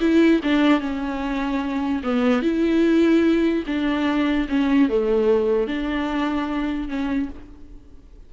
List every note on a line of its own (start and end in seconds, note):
0.00 0.41 E4
0.43 0.80 D4
0.80 2.02 C#4
2.03 2.42 B3
2.42 3.64 E4
3.66 4.47 D4
4.48 4.89 C#4
4.89 5.67 A3
5.67 6.88 D4
6.88 7.29 C#4